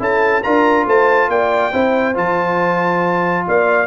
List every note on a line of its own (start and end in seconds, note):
0.00 0.43 C#4
0.00 0.43 E4
0.00 0.44 A4
0.00 0.43 A5
0.43 0.86 D4
0.43 1.73 F4
0.43 0.87 A#4
0.43 0.87 A#5
0.86 1.29 A3
0.86 1.30 C5
0.86 1.30 A5
1.29 1.72 A#3
1.29 1.73 D5
1.29 2.17 G5
1.73 2.17 C4
1.73 2.15 E4
1.73 3.45 C5
2.15 3.46 F3
2.15 3.87 F4
2.15 3.47 A5
3.47 3.87 A#3
3.47 3.87 D5
3.47 3.87 F5